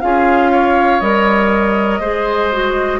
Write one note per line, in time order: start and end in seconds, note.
0.00 1.01 C#4
0.00 1.01 F4
0.00 0.51 G#4
0.00 1.00 F5
0.51 2.00 C#5
1.00 1.99 G3
1.00 2.01 A#4
1.00 2.99 D#5
1.99 2.99 G#3
1.99 2.51 G#4
1.99 2.99 C5
2.51 2.99 F#4